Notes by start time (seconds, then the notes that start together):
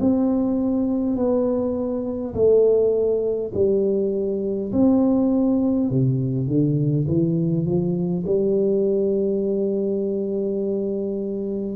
0.00 C4
1.16 B3
2.34 A3
3.53 G3
4.72 C4
5.89 C3
6.47 D3
7.07 E3
7.65 F3
8.26 G3